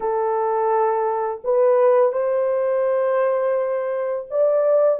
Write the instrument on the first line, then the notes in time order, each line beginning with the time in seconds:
horn
0.00 A4
1.44 B4
2.12 C5
4.30 D5